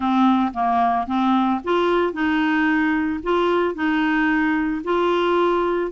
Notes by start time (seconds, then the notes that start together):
0.00 C4
0.53 A#3
1.06 C4
1.64 F4
2.13 D#4
3.23 F4
3.74 D#4
4.84 F4